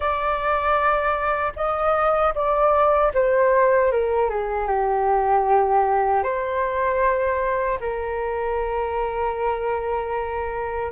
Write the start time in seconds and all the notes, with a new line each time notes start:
0.00 D5
1.56 D#5
2.34 D5
3.14 C5
3.91 A#4
4.29 G#4
4.67 G4
6.23 C5
7.80 A#4